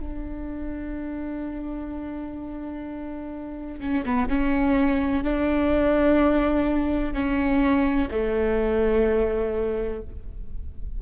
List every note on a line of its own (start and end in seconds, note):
0.00 3.81 D4
3.81 4.05 C#4
4.06 4.29 B3
4.29 5.24 C#4
5.24 7.14 D4
7.14 8.10 C#4
8.11 10.02 A3